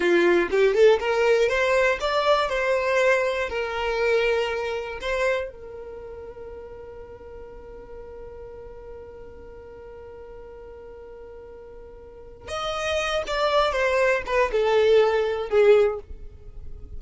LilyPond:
\new Staff \with { instrumentName = "violin" } { \time 4/4 \tempo 4 = 120 f'4 g'8 a'8 ais'4 c''4 | d''4 c''2 ais'4~ | ais'2 c''4 ais'4~ | ais'1~ |
ais'1~ | ais'1~ | ais'4 dis''4. d''4 c''8~ | c''8 b'8 a'2 gis'4 | }